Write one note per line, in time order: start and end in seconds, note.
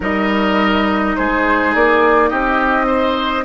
0.00 1.15 G3
0.00 3.44 D#4
0.00 1.16 A#4
0.00 1.16 D#5
1.16 1.74 G#3
1.16 2.30 G#4
1.16 1.73 C5
1.74 2.31 A#3
1.74 2.29 D5
2.29 3.44 C4
2.29 2.86 G4
2.29 3.44 D#5
2.86 3.44 C5